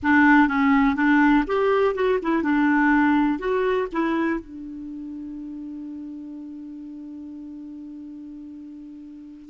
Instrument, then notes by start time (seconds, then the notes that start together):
clarinet
0.02 D4
0.47 C#4
0.95 D4
1.47 G4
1.94 F#4
2.22 E4
2.43 D4
3.38 F#4
3.92 E4
4.39 D4